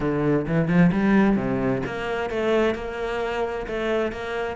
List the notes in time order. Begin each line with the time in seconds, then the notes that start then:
0.00 D3
0.47 E3
0.68 F3
0.92 G3
1.36 C3
1.85 A#3
2.30 A3
2.74 A#3
3.66 A3
4.12 A#3